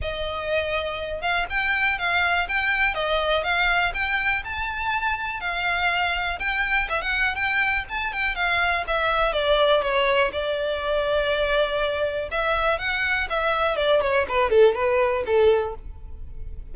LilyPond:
\new Staff \with { instrumentName = "violin" } { \time 4/4 \tempo 4 = 122 dis''2~ dis''8 f''8 g''4 | f''4 g''4 dis''4 f''4 | g''4 a''2 f''4~ | f''4 g''4 e''16 fis''8. g''4 |
a''8 g''8 f''4 e''4 d''4 | cis''4 d''2.~ | d''4 e''4 fis''4 e''4 | d''8 cis''8 b'8 a'8 b'4 a'4 | }